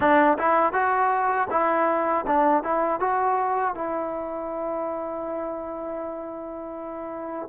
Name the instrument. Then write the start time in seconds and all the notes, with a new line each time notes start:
trombone
0.00 D4
0.38 E4
0.72 F#4
1.50 E4
2.27 D4
2.63 E4
3.00 F#4
3.74 E4